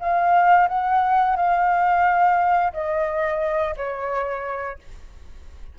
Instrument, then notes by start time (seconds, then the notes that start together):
flute
0.00 F5
0.68 F#5
1.36 F5
2.73 D#5
3.77 C#5